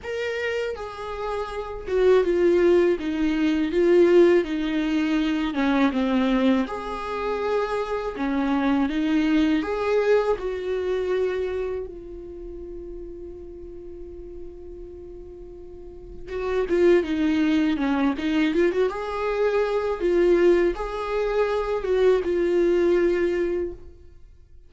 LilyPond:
\new Staff \with { instrumentName = "viola" } { \time 4/4 \tempo 4 = 81 ais'4 gis'4. fis'8 f'4 | dis'4 f'4 dis'4. cis'8 | c'4 gis'2 cis'4 | dis'4 gis'4 fis'2 |
f'1~ | f'2 fis'8 f'8 dis'4 | cis'8 dis'8 f'16 fis'16 gis'4. f'4 | gis'4. fis'8 f'2 | }